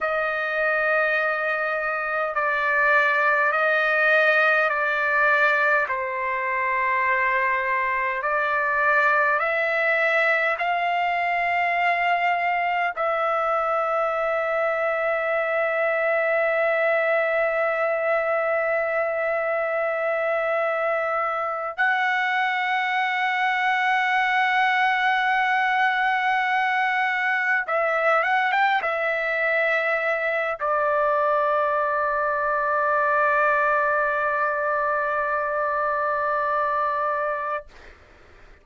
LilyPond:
\new Staff \with { instrumentName = "trumpet" } { \time 4/4 \tempo 4 = 51 dis''2 d''4 dis''4 | d''4 c''2 d''4 | e''4 f''2 e''4~ | e''1~ |
e''2~ e''8 fis''4.~ | fis''2.~ fis''8 e''8 | fis''16 g''16 e''4. d''2~ | d''1 | }